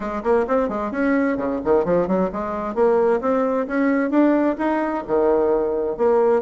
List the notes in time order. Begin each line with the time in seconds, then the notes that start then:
0.00 G#3
0.23 A#3
0.47 C4
0.68 G#3
0.91 C#4
1.37 C#3
1.64 D#3
1.84 F3
2.07 F#3
2.32 G#3
2.74 A#3
3.21 C4
3.67 C#4
4.10 D4
4.58 D#4
5.07 D#3
5.97 A#3